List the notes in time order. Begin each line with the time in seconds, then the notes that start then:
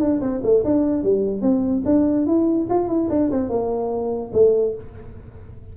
0.00 D4
0.21 C4
0.43 A3
0.65 D4
1.03 G3
1.42 C4
1.85 D4
2.26 E4
2.70 F4
2.88 E4
3.10 D4
3.31 C4
3.49 A#3
4.34 A3